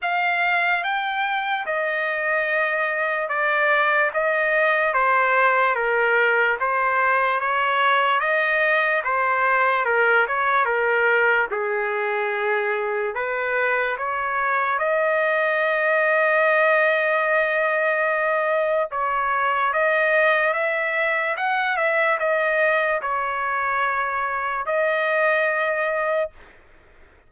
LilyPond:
\new Staff \with { instrumentName = "trumpet" } { \time 4/4 \tempo 4 = 73 f''4 g''4 dis''2 | d''4 dis''4 c''4 ais'4 | c''4 cis''4 dis''4 c''4 | ais'8 cis''8 ais'4 gis'2 |
b'4 cis''4 dis''2~ | dis''2. cis''4 | dis''4 e''4 fis''8 e''8 dis''4 | cis''2 dis''2 | }